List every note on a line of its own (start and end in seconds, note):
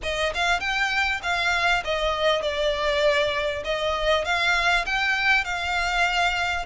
0.02 0.33 D#5
0.34 0.60 F5
0.60 1.20 G5
1.22 1.83 F5
1.84 2.41 D#5
2.41 3.63 D5
3.64 4.24 D#5
4.24 4.85 F5
4.85 5.44 G5
5.44 6.65 F5